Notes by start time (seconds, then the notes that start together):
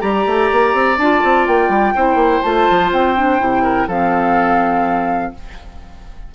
0.00 G3 G4 D5 A#5
0.26 A3
0.52 A#3
0.74 C4
0.98 D4 F4 A5
1.23 C4
1.47 A#3 G5
1.69 G3
1.95 C4 E4 C5
2.15 A#3
2.42 A3 F4 A5
2.70 F3
2.92 C4 G5
3.16 D4
3.39 C3 E4
3.63 A#4
3.87 F3 C4 A4 F5